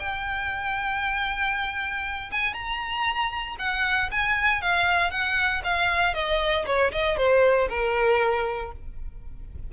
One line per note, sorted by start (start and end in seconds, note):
0.00 2.31 G5
2.32 2.54 G#5
2.54 3.56 A#5
3.59 4.10 F#5
4.12 4.62 G#5
4.62 5.11 F5
5.11 5.62 F#5
5.65 6.14 F5
6.14 6.66 D#5
6.66 6.92 C#5
6.92 7.17 D#5
7.17 7.69 C5
7.70 8.72 A#4